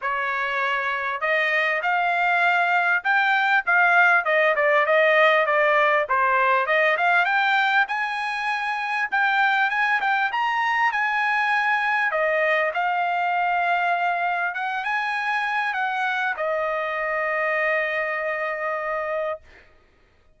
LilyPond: \new Staff \with { instrumentName = "trumpet" } { \time 4/4 \tempo 4 = 99 cis''2 dis''4 f''4~ | f''4 g''4 f''4 dis''8 d''8 | dis''4 d''4 c''4 dis''8 f''8 | g''4 gis''2 g''4 |
gis''8 g''8 ais''4 gis''2 | dis''4 f''2. | fis''8 gis''4. fis''4 dis''4~ | dis''1 | }